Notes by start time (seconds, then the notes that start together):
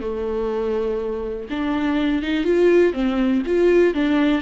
0.00 A3
1.49 D4
2.22 D#4
2.44 F4
2.93 C4
3.46 F4
3.94 D4